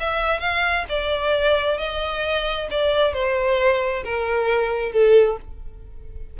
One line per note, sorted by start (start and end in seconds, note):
0.00 0.40 E5
0.40 0.85 F5
0.89 1.78 D5
1.78 2.68 D#5
2.71 3.14 D5
3.14 4.04 C5
4.05 4.93 A#4
4.93 5.38 A4